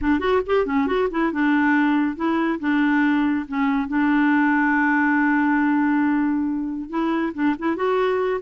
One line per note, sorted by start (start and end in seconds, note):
0.01 0.19 D4
0.19 0.41 F#4
0.46 0.66 G4
0.66 0.86 C#4
0.86 1.08 F#4
1.10 1.32 E4
1.32 2.15 D4
2.15 2.59 E4
2.59 3.45 D4
3.47 3.87 C#4
3.87 6.89 D4
6.89 7.33 E4
7.33 7.55 D4
7.58 7.76 E4
7.76 8.41 F#4